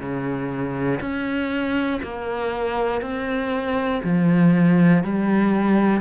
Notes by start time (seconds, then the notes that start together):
0.00 C#3
1.01 C#4
2.03 A#3
3.02 C4
4.05 F3
5.04 G3